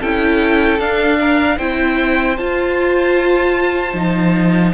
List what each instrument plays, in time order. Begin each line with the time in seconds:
0.00 cello C#4, viola E4, violin A4 G5
0.79 cello D4, viola D4, violin F5
1.21 violin A#4
1.57 cello C4, viola E4, violin C5 G5
2.37 cello F4, viola F4, violin A5
3.93 cello F3, viola D#4